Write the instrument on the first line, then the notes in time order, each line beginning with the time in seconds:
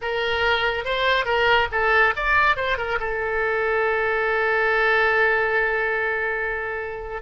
oboe
0.01 A#4
0.85 C5
1.25 A#4
1.71 A4
2.16 D5
2.56 C5
2.77 A#4
2.99 A4